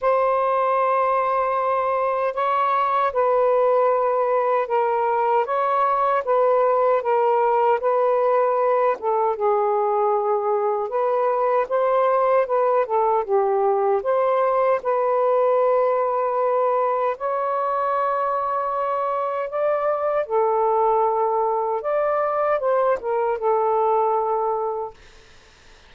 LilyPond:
\new Staff \with { instrumentName = "saxophone" } { \time 4/4 \tempo 4 = 77 c''2. cis''4 | b'2 ais'4 cis''4 | b'4 ais'4 b'4. a'8 | gis'2 b'4 c''4 |
b'8 a'8 g'4 c''4 b'4~ | b'2 cis''2~ | cis''4 d''4 a'2 | d''4 c''8 ais'8 a'2 | }